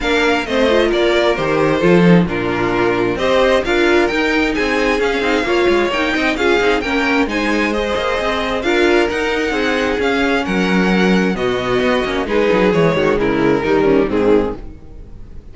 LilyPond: <<
  \new Staff \with { instrumentName = "violin" } { \time 4/4 \tempo 4 = 132 f''4 dis''4 d''4 c''4~ | c''4 ais'2 dis''4 | f''4 g''4 gis''4 f''4~ | f''4 g''4 f''4 g''4 |
gis''4 dis''2 f''4 | fis''2 f''4 fis''4~ | fis''4 dis''2 b'4 | cis''4 ais'2 gis'4 | }
  \new Staff \with { instrumentName = "violin" } { \time 4/4 ais'4 c''4 ais'2 | a'4 f'2 c''4 | ais'2 gis'2 | cis''4. dis''8 gis'4 ais'4 |
c''2. ais'4~ | ais'4 gis'2 ais'4~ | ais'4 fis'2 gis'4~ | gis'8 fis'8 e'4 dis'8 cis'8 c'4 | }
  \new Staff \with { instrumentName = "viola" } { \time 4/4 d'4 c'8 f'4. g'4 | f'8 dis'8 d'2 g'4 | f'4 dis'2 cis'8 dis'8 | f'4 dis'4 f'8 dis'8 cis'4 |
dis'4 gis'2 f'4 | dis'2 cis'2~ | cis'4 b4. cis'8 dis'4 | gis2 g4 dis4 | }
  \new Staff \with { instrumentName = "cello" } { \time 4/4 ais4 a4 ais4 dis4 | f4 ais,2 c'4 | d'4 dis'4 c'4 cis'8 c'8 | ais8 gis8 ais8 c'8 cis'8 c'8 ais4 |
gis4. ais8 c'4 d'4 | dis'4 c'4 cis'4 fis4~ | fis4 b,4 b8 ais8 gis8 fis8 | e8 dis8 cis4 dis4 gis,4 | }
>>